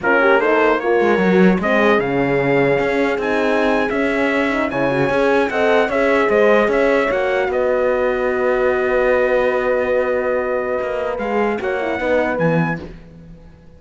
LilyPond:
<<
  \new Staff \with { instrumentName = "trumpet" } { \time 4/4 \tempo 4 = 150 ais'4 c''4 cis''2 | dis''4 f''2. | gis''4.~ gis''16 e''2 gis''16~ | gis''4.~ gis''16 fis''4 e''4 dis''16~ |
dis''8. e''4 fis''4 dis''4~ dis''16~ | dis''1~ | dis''1 | f''4 fis''2 gis''4 | }
  \new Staff \with { instrumentName = "horn" } { \time 4/4 f'8 g'8 a'4 ais'2 | gis'1~ | gis'2.~ gis'8. cis''16~ | cis''4.~ cis''16 dis''4 cis''4 c''16~ |
c''8. cis''2 b'4~ b'16~ | b'1~ | b'1~ | b'4 cis''4 b'2 | }
  \new Staff \with { instrumentName = "horn" } { \time 4/4 cis'4 dis'4 f'4 fis'4 | c'4 cis'2. | dis'4.~ dis'16 cis'4. dis'8 e'16~ | e'16 fis'8 gis'4 a'4 gis'4~ gis'16~ |
gis'4.~ gis'16 fis'2~ fis'16~ | fis'1~ | fis'1 | gis'4 fis'8 e'8 dis'4 b4 | }
  \new Staff \with { instrumentName = "cello" } { \time 4/4 ais2~ ais8 gis8 fis4 | gis4 cis2 cis'4 | c'4.~ c'16 cis'2 cis16~ | cis8. cis'4 c'4 cis'4 gis16~ |
gis8. cis'4 ais4 b4~ b16~ | b1~ | b2. ais4 | gis4 ais4 b4 e4 | }
>>